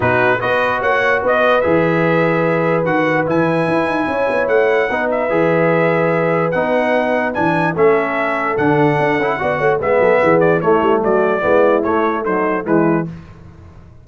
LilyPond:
<<
  \new Staff \with { instrumentName = "trumpet" } { \time 4/4 \tempo 4 = 147 b'4 dis''4 fis''4 dis''4 | e''2. fis''4 | gis''2. fis''4~ | fis''8 e''2.~ e''8 |
fis''2 gis''4 e''4~ | e''4 fis''2. | e''4. d''8 cis''4 d''4~ | d''4 cis''4 c''4 b'4 | }
  \new Staff \with { instrumentName = "horn" } { \time 4/4 fis'4 b'4 cis''4 b'4~ | b'1~ | b'2 cis''2 | b'1~ |
b'2. a'4~ | a'2. d''8 cis''8 | b'8 a'8 gis'4 e'4 fis'4 | e'2 dis'4 e'4 | }
  \new Staff \with { instrumentName = "trombone" } { \time 4/4 dis'4 fis'2. | gis'2. fis'4 | e'1 | dis'4 gis'2. |
dis'2 d'4 cis'4~ | cis'4 d'4. e'8 fis'4 | b2 a2 | b4 a4 fis4 gis4 | }
  \new Staff \with { instrumentName = "tuba" } { \time 4/4 b,4 b4 ais4 b4 | e2. dis4 | e4 e'8 dis'8 cis'8 b8 a4 | b4 e2. |
b2 e4 a4~ | a4 d4 d'8 cis'8 b8 a8 | gis8 fis8 e4 a8 g8 fis4 | gis4 a2 e4 | }
>>